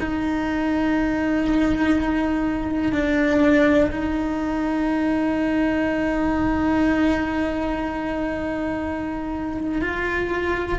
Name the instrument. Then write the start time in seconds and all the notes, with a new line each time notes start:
cello
0.00 D#4
2.92 D4
3.91 D#4
9.81 F4